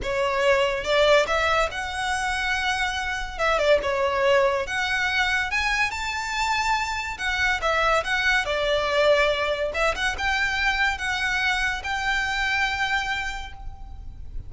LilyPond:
\new Staff \with { instrumentName = "violin" } { \time 4/4 \tempo 4 = 142 cis''2 d''4 e''4 | fis''1 | e''8 d''8 cis''2 fis''4~ | fis''4 gis''4 a''2~ |
a''4 fis''4 e''4 fis''4 | d''2. e''8 fis''8 | g''2 fis''2 | g''1 | }